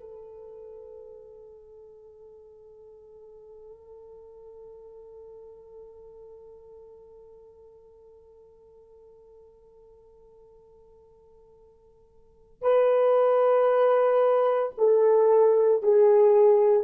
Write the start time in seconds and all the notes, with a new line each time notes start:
0.00 A4
12.62 B4
14.78 A4
15.83 G#4